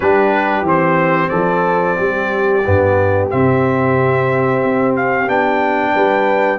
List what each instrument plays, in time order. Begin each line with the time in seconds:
0.00 tuba G3, trombone D4, horn G4, trumpet B4
0.62 tuba E3, trombone C4, trumpet C5
1.29 tuba F3, horn A4, trumpet D5
1.97 tuba G3, horn G4
2.65 tuba G2, trombone B3
3.30 tuba C3, trombone C4, trumpet E5
4.63 tuba C4
4.96 trumpet F5
5.27 tuba B3, trombone D4, trumpet G5
5.93 tuba G3, horn B4